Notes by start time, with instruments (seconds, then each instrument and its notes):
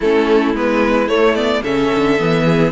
0.00 cello A3, viola C#4, violin E4 A4
0.54 cello G#3, viola B3, violin B4
1.07 viola A3, cello A3, violin C#5
1.35 viola B3, violin D5
1.62 cello C#3, viola C#4, violin A4 E5
1.95 cello D3
2.18 cello E3, viola B3
2.45 violin G#4